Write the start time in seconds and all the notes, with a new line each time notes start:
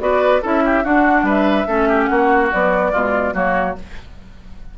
0.00 B3 F#4 B4 D5
0.43 C#4 E4 A4 E5
0.65 G4
0.84 D4 F#4 F#5
1.23 G3 B4 E5
1.68 A3 C#4 A4
1.89 G4
2.06 A#3 F#4 F#5
2.52 F#3 B3 D5
2.92 B2 G#3 F4
3.34 F#3 A#3 F#4 C#5